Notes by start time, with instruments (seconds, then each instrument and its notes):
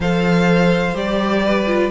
0.00 cello F3, viola A4, violin C5 F5
0.93 cello G3, viola G4, violin D5
1.44 violin B4
1.66 viola F4